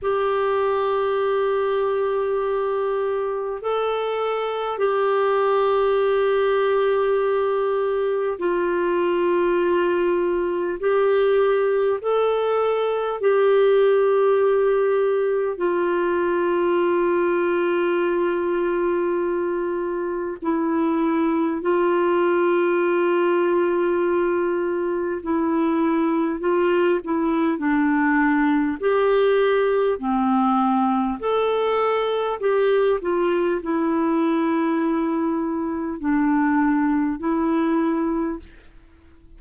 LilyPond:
\new Staff \with { instrumentName = "clarinet" } { \time 4/4 \tempo 4 = 50 g'2. a'4 | g'2. f'4~ | f'4 g'4 a'4 g'4~ | g'4 f'2.~ |
f'4 e'4 f'2~ | f'4 e'4 f'8 e'8 d'4 | g'4 c'4 a'4 g'8 f'8 | e'2 d'4 e'4 | }